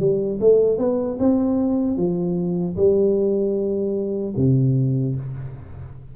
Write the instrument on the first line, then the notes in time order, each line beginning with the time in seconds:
tuba
0.00 G3
0.41 A3
0.78 B3
1.19 C4
1.97 F3
2.77 G3
4.37 C3